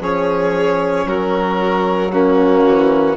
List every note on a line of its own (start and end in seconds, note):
0.00 1.05 F3
0.00 2.11 C#4
0.00 1.06 G#4
0.00 1.07 C#5
1.05 2.63 F#3
1.05 2.12 F#4
1.05 2.12 A#4
2.12 3.16 A#3
2.12 3.16 C#4
2.12 3.16 F#4
2.66 3.16 E3